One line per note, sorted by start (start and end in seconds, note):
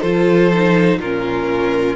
0.00 0.97 F3
0.00 0.52 F4
0.00 0.98 A4
0.00 0.99 C5
0.52 1.02 D#4
0.97 1.95 A#2
0.97 1.95 F4
0.97 1.95 A#4
1.03 1.95 C#4